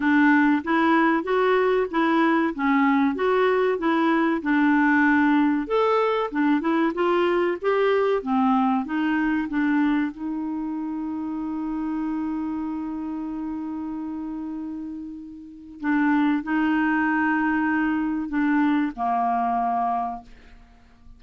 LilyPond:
\new Staff \with { instrumentName = "clarinet" } { \time 4/4 \tempo 4 = 95 d'4 e'4 fis'4 e'4 | cis'4 fis'4 e'4 d'4~ | d'4 a'4 d'8 e'8 f'4 | g'4 c'4 dis'4 d'4 |
dis'1~ | dis'1~ | dis'4 d'4 dis'2~ | dis'4 d'4 ais2 | }